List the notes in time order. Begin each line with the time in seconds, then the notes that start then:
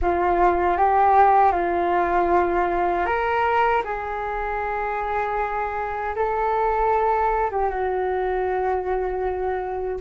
0.01 F4
0.77 G4
1.52 F4
3.06 A#4
3.84 G#4
6.15 A4
7.50 G4
7.69 F#4